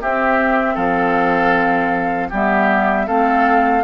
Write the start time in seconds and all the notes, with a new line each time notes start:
0.00 C4 G4 E5
0.74 F3 A4 F5
2.29 G3 B3 G4 E5
3.06 A3 C4 A4 F5